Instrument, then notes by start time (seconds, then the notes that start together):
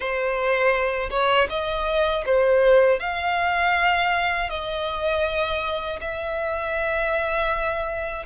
violin
0.00 C5
1.10 C#5
1.49 D#5
2.25 C5
2.99 F5
4.49 D#5
6.00 E5